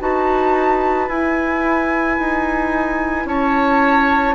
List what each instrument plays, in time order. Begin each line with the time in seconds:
0.00 bassoon D#4, clarinet F#4, oboe B4, flute A5
1.09 bassoon E4, clarinet E4, flute G#5
2.19 bassoon D#4
3.26 bassoon C#4, oboe C#5, flute A5